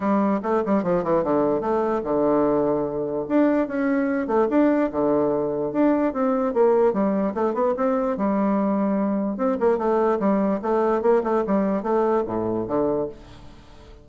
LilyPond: \new Staff \with { instrumentName = "bassoon" } { \time 4/4 \tempo 4 = 147 g4 a8 g8 f8 e8 d4 | a4 d2. | d'4 cis'4. a8 d'4 | d2 d'4 c'4 |
ais4 g4 a8 b8 c'4 | g2. c'8 ais8 | a4 g4 a4 ais8 a8 | g4 a4 a,4 d4 | }